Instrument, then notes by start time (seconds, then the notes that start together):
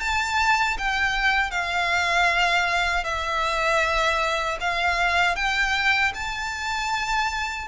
violin
0.00 A5
0.78 G5
1.51 F5
3.04 E5
4.60 F5
5.35 G5
6.14 A5